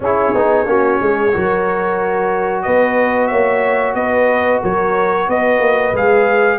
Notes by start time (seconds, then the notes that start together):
0.00 C#4 E4 G#4 C#5
0.34 B3 D#4
0.65 A#3 C#4 F#4
1.00 G#3 G#4
1.32 F#3 F#4 A#4
2.62 B3 B4 D#5
3.27 A#3 C#5 E5
3.94 B3 B4 D#5
4.61 F#3 A#4 C#5
5.28 B3 B4 D#5
5.59 A#3
5.92 G#3 G#4 F5